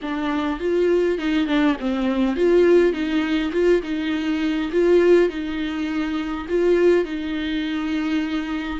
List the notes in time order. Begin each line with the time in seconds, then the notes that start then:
0.02 D4
0.59 F4
1.18 D#4
1.47 D4
1.79 C4
2.36 F4
2.92 D#4
3.52 F4
3.82 D#4
4.72 F4
5.29 D#4
6.48 F4
7.05 D#4